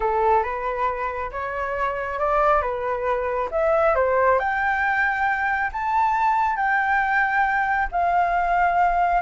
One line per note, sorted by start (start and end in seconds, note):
0.00 0.43 A4
0.43 1.30 B4
1.31 2.19 C#5
2.19 2.61 D5
2.61 3.49 B4
3.51 3.95 E5
3.95 4.39 C5
4.39 5.70 G5
5.72 6.56 A5
6.56 7.88 G5
7.91 9.21 F5